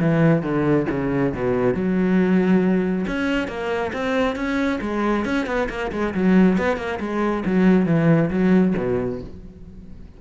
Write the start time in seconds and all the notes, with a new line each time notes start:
0.00 E3
0.42 D3
0.90 C#3
1.34 B2
1.74 F#3
3.07 C#4
3.48 A#3
3.93 C4
4.36 C#4
4.81 G#3
5.25 C#4
5.46 B3
5.69 A#3
5.92 G#3
6.14 F#3
6.58 B3
6.77 A#3
7.00 G#3
7.46 F#3
7.86 E3
8.30 F#3
8.77 B2